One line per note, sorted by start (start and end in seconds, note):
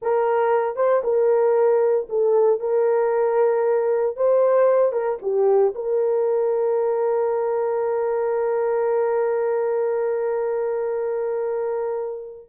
0.01 0.75 A#4
0.75 1.02 C5
1.03 2.07 A#4
2.09 2.60 A4
2.60 4.16 A#4
4.16 4.92 C5
4.92 5.18 A#4
5.22 5.74 G4
5.74 12.49 A#4